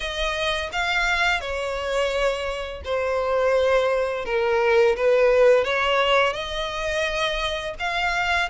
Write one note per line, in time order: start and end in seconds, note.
0.00 0.70 D#5
0.72 1.41 F5
1.41 2.82 C#5
2.84 4.25 C5
4.25 4.95 A#4
4.96 5.64 B4
5.64 6.33 C#5
6.33 7.74 D#5
7.79 8.49 F5